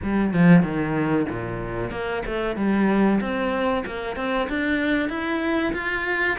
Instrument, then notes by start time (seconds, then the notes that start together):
cello
0.02 G3
0.33 F3
0.62 D#3
1.29 A#2
1.90 A#3
2.26 A3
2.56 G3
3.20 C4
3.86 A#3
4.16 C4
4.49 D4
5.09 E4
5.73 F4